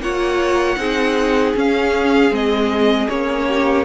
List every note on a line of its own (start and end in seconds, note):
0.00 0.77 A#3
0.00 0.77 F4
0.00 0.80 C#5
0.00 1.56 F#5
0.77 1.54 C4
0.77 1.54 D#4
0.77 3.48 G#4
1.55 2.32 C#4
1.55 2.35 F5
2.32 3.08 G#3
2.32 3.09 C4
2.32 3.09 D#5
3.09 3.85 A#3
3.09 3.85 C#4
3.09 3.85 C#5
3.48 3.85 G4